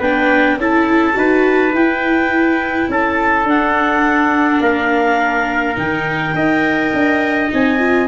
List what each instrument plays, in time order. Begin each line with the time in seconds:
0.00 tuba B3, viola D4, trumpet B4, clarinet G5
0.58 tuba C#4, viola E4, trumpet A4, clarinet A5
1.13 tuba D#4, viola F#4, trumpet B4
1.73 tuba E4, viola E4, clarinet G5
2.89 tuba C#4, trumpet A4, clarinet A5
3.45 tuba D4, viola D4, clarinet F#5
4.61 tuba A#3, trumpet A#4, clarinet F5
5.75 tuba D#3, viola D#4, clarinet G5
6.34 tuba D#4, viola A#4, trumpet D#5
6.94 tuba D4
7.48 tuba C4, viola D#4, clarinet G#5
7.79 viola F4